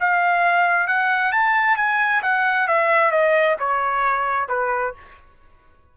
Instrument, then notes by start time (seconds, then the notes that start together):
trumpet
0.00 F5
0.87 F#5
1.32 A5
1.77 G#5
2.22 F#5
2.68 E5
3.11 D#5
3.60 C#5
4.49 B4